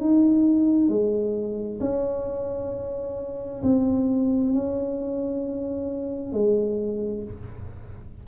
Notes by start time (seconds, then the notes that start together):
0.00 D#4
0.88 G#3
1.80 C#4
3.62 C4
4.53 C#4
6.33 G#3